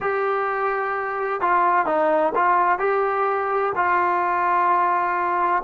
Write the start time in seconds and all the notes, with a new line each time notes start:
0.00 G4
1.40 F4
1.85 D#4
2.35 F4
2.79 G4
3.75 F4